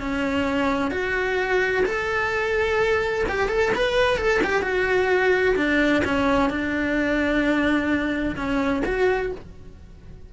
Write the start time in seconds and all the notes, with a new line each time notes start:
0.00 C#4
0.91 F#4
1.86 A4
3.29 G4
3.49 A4
3.76 B4
4.18 A4
4.44 G4
4.63 F#4
5.57 D4
6.05 C#4
6.50 D4
8.37 C#4
8.86 F#4